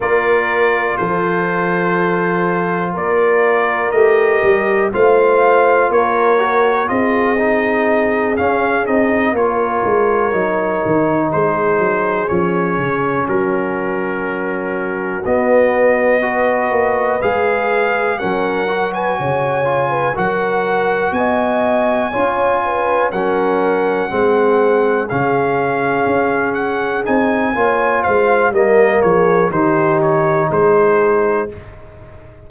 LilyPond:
<<
  \new Staff \with { instrumentName = "trumpet" } { \time 4/4 \tempo 4 = 61 d''4 c''2 d''4 | dis''4 f''4 cis''4 dis''4~ | dis''8 f''8 dis''8 cis''2 c''8~ | c''8 cis''4 ais'2 dis''8~ |
dis''4. f''4 fis''8. gis''8.~ | gis''8 fis''4 gis''2 fis''8~ | fis''4. f''4. fis''8 gis''8~ | gis''8 f''8 dis''8 cis''8 c''8 cis''8 c''4 | }
  \new Staff \with { instrumentName = "horn" } { \time 4/4 ais'4 a'2 ais'4~ | ais'4 c''4 ais'4 gis'4~ | gis'4. ais'2 gis'8~ | gis'4. fis'2~ fis'8~ |
fis'8 b'2 ais'8. b'16 cis''8~ | cis''16 b'16 ais'4 dis''4 cis''8 b'8 ais'8~ | ais'8 gis'2.~ gis'8 | cis''8 c''8 ais'8 gis'8 g'4 gis'4 | }
  \new Staff \with { instrumentName = "trombone" } { \time 4/4 f'1 | g'4 f'4. fis'8 f'8 dis'8~ | dis'8 cis'8 dis'8 f'4 dis'4.~ | dis'8 cis'2. b8~ |
b8 fis'4 gis'4 cis'8 fis'4 | f'8 fis'2 f'4 cis'8~ | cis'8 c'4 cis'2 dis'8 | f'4 ais4 dis'2 | }
  \new Staff \with { instrumentName = "tuba" } { \time 4/4 ais4 f2 ais4 | a8 g8 a4 ais4 c'4~ | c'8 cis'8 c'8 ais8 gis8 fis8 dis8 gis8 | fis8 f8 cis8 fis2 b8~ |
b4 ais8 gis4 fis4 cis8~ | cis8 fis4 b4 cis'4 fis8~ | fis8 gis4 cis4 cis'4 c'8 | ais8 gis8 g8 f8 dis4 gis4 | }
>>